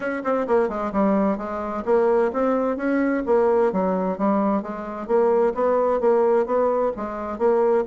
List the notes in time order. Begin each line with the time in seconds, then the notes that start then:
0.00 C#4
0.23 C4
0.47 A#3
0.69 G#3
0.92 G3
1.37 G#3
1.85 A#3
2.33 C4
2.77 C#4
3.26 A#3
3.72 F#3
4.17 G3
4.62 G#3
5.07 A#3
5.54 B3
6.00 A#3
6.46 B3
6.96 G#3
7.38 A#3